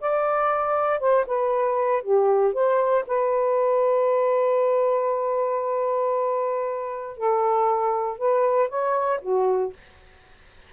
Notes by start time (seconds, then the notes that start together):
0.00 D5
1.00 C5
1.26 B4
2.03 G4
2.53 C5
3.07 B4
7.17 A4
8.18 B4
8.69 C#5
9.22 F#4